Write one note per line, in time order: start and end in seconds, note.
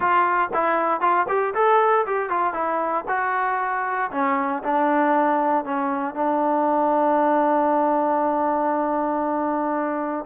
0.00 0.50 F4
0.53 1.00 E4
1.00 1.26 F4
1.28 1.54 G4
1.54 2.05 A4
2.06 2.29 G4
2.29 2.53 F4
2.53 3.04 E4
3.08 4.10 F#4
4.11 4.62 C#4
4.63 5.64 D4
5.64 6.14 C#4
6.14 10.25 D4